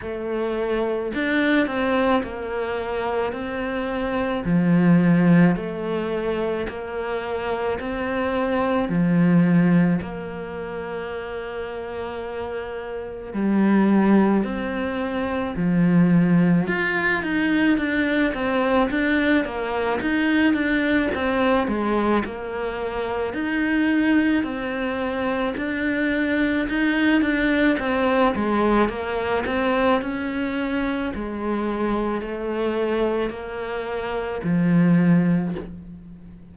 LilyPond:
\new Staff \with { instrumentName = "cello" } { \time 4/4 \tempo 4 = 54 a4 d'8 c'8 ais4 c'4 | f4 a4 ais4 c'4 | f4 ais2. | g4 c'4 f4 f'8 dis'8 |
d'8 c'8 d'8 ais8 dis'8 d'8 c'8 gis8 | ais4 dis'4 c'4 d'4 | dis'8 d'8 c'8 gis8 ais8 c'8 cis'4 | gis4 a4 ais4 f4 | }